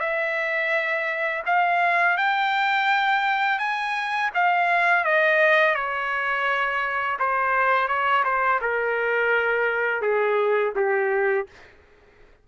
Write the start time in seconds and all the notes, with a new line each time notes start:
0.00 E5
1.46 F5
2.18 G5
3.59 G#5
4.35 F5
5.05 D#5
5.75 C#5
7.19 C5
7.88 C#5
8.25 C5
8.61 A#4
10.02 G#4
10.76 G4